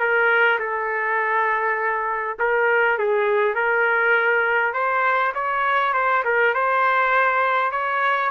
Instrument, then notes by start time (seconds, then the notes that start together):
trumpet
0.00 A#4
0.60 A4
2.39 A#4
2.99 G#4
3.55 A#4
4.74 C5
5.35 C#5
5.94 C5
6.25 A#4
6.55 C5
7.72 C#5